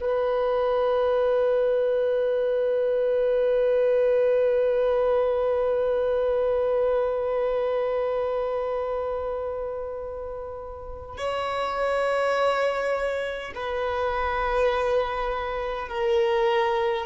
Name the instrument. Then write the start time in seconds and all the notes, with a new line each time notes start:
violin
0.00 B4
11.17 C#5
13.55 B4
15.88 A#4